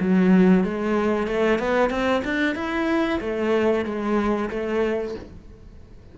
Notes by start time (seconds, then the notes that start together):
0.00 F#3
0.64 G#3
1.27 A3
1.59 B3
1.90 C4
2.24 D4
2.55 E4
3.20 A3
3.85 G#3
4.50 A3